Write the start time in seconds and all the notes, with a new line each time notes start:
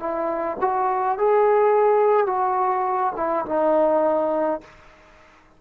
0.00 E4
0.61 F#4
1.18 G#4
2.27 F#4
3.17 E4
3.46 D#4